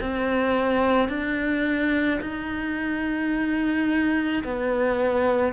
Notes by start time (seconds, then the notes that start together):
0.00 C4
1.08 D4
2.21 D#4
4.43 B3